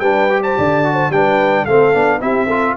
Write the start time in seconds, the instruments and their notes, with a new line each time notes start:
0.00 tuba G3, trombone D4, horn B4, trumpet G5
0.30 trombone G4
0.43 horn C5, trumpet A5
0.58 tuba D3, horn D5
0.84 trombone F#4
0.94 horn C5
1.10 tuba G3, trombone D4, horn B4, trumpet G5
1.64 tuba A3, trombone C4, horn A4, trumpet F5
1.94 tuba B3, trombone D4
2.20 tuba C4, trombone E4, horn G4, trumpet E5
2.47 trombone F4, horn A4